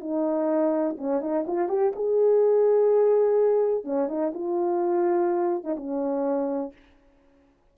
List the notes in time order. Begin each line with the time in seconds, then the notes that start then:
0.00 D#4
0.98 C#4
1.21 D#4
1.47 F4
1.68 G4
1.95 G#4
3.84 C#4
4.08 D#4
4.34 F4
5.64 D#4
5.76 C#4